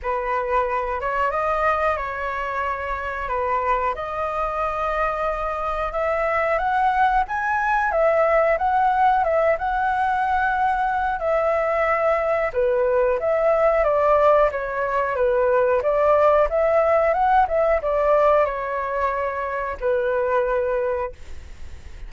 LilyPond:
\new Staff \with { instrumentName = "flute" } { \time 4/4 \tempo 4 = 91 b'4. cis''8 dis''4 cis''4~ | cis''4 b'4 dis''2~ | dis''4 e''4 fis''4 gis''4 | e''4 fis''4 e''8 fis''4.~ |
fis''4 e''2 b'4 | e''4 d''4 cis''4 b'4 | d''4 e''4 fis''8 e''8 d''4 | cis''2 b'2 | }